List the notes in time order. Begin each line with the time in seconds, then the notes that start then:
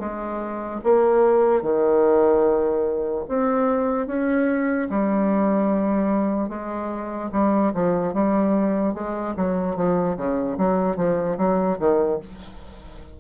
0.00 G#3
0.84 A#3
1.62 D#3
3.28 C4
4.07 C#4
4.90 G3
6.49 G#3
7.32 G3
7.74 F3
8.14 G3
8.94 G#3
9.36 F#3
9.76 F3
10.17 C#3
10.58 F#3
10.97 F3
11.38 F#3
11.79 D#3